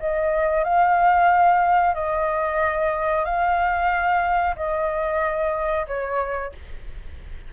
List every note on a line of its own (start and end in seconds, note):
0.00 0.64 D#5
0.64 1.95 F5
1.95 3.25 D#5
3.25 4.56 F5
4.56 5.87 D#5
5.88 6.53 C#5